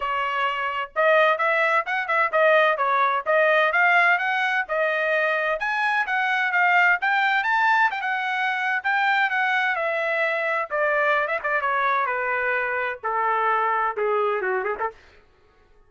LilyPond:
\new Staff \with { instrumentName = "trumpet" } { \time 4/4 \tempo 4 = 129 cis''2 dis''4 e''4 | fis''8 e''8 dis''4 cis''4 dis''4 | f''4 fis''4 dis''2 | gis''4 fis''4 f''4 g''4 |
a''4 g''16 fis''4.~ fis''16 g''4 | fis''4 e''2 d''4~ | d''16 e''16 d''8 cis''4 b'2 | a'2 gis'4 fis'8 gis'16 a'16 | }